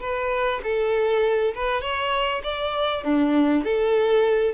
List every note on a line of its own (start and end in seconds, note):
0.00 0.61 B4
0.63 1.54 A4
1.55 1.81 B4
1.81 2.42 C#5
2.43 3.04 D5
3.04 3.64 D4
3.64 4.54 A4